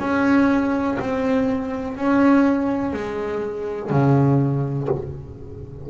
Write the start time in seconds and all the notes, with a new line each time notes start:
0.00 C#4
1.00 C4
1.97 C#4
2.94 G#3
3.90 C#3